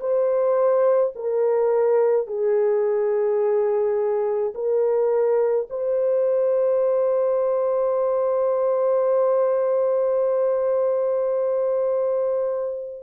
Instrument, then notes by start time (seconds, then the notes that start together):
horn
0.00 C5
1.15 A#4
2.27 G#4
4.54 A#4
5.70 C5